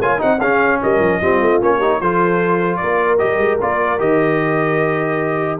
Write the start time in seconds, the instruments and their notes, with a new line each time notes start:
0.00 tuba A#3, trombone F4, horn C#5, trumpet G#5
0.19 tuba C4, trombone D#4, horn D#5, trumpet F#5
0.39 tuba C#4, trombone C#4, horn G#4, trumpet F5
0.82 tuba G3, horn A#4, trumpet D#5
1.00 tuba F3
1.22 tuba G3, trombone C4, horn F4
1.41 tuba A3
1.61 tuba A#3, trombone C#4, trumpet C#5
1.78 trombone D#4, horn G4
2.01 tuba F3, trombone F4, horn A4, trumpet C5
2.77 horn A#4, trumpet D5
2.83 tuba A#3
3.19 tuba G3, trombone G4, trumpet D#5
3.39 tuba G#3
3.61 tuba A#3, trombone F4, trumpet D5
3.99 tuba D#3, trombone G4, trumpet D#5